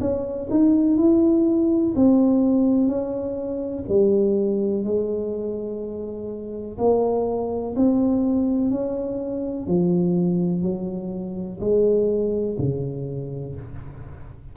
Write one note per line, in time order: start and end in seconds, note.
0.00 0.48 C#4
0.50 0.97 D#4
0.97 1.94 E4
1.95 2.87 C4
2.87 3.84 C#4
3.88 4.84 G3
4.84 6.77 G#3
6.78 7.75 A#3
7.76 8.70 C4
8.70 9.67 C#4
9.67 10.62 F3
10.62 11.59 F#3
11.60 12.57 G#3
12.58 13.55 C#3